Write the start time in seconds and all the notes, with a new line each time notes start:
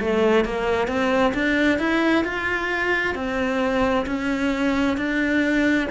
0.00 A3
0.45 A#3
0.88 C4
1.34 D4
1.79 E4
2.24 F4
3.15 C4
4.06 C#4
4.97 D4